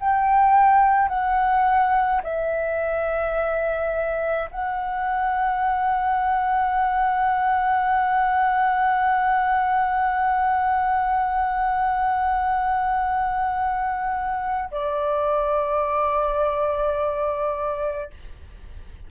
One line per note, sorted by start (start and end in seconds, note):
0.00 1.08 G5
1.08 2.21 F#5
2.23 4.49 E5
4.51 14.70 F#5
14.71 18.10 D5